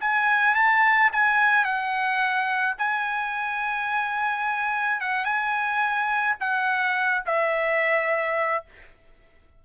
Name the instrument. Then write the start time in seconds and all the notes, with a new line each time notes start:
trumpet
0.00 G#5
0.55 A5
1.12 G#5
1.64 F#5
2.78 G#5
5.00 F#5
5.24 G#5
6.40 F#5
7.26 E5